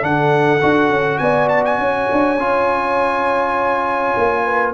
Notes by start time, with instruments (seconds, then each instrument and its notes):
0.00 tuba D3, trombone D4, horn A4, trumpet F#5
0.61 tuba D4, trombone F#4
0.90 tuba C#4
1.18 tuba B3, horn D5, trumpet G#5
1.48 trumpet A5
1.65 trumpet G#5
1.78 tuba C#4, horn C#5
2.12 tuba D4
2.37 tuba C#4, trombone F4
4.17 tuba A#3
4.44 horn B4